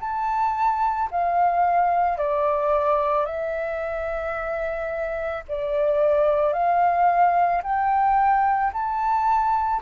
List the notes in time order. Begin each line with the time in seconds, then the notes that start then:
0.00 A5
1.11 F5
2.18 D5
3.25 E5
5.48 D5
6.53 F5
7.63 G5
8.72 A5